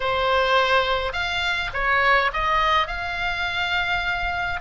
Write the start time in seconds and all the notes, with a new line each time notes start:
0.00 C5
1.12 F5
1.73 C#5
2.33 D#5
2.87 F5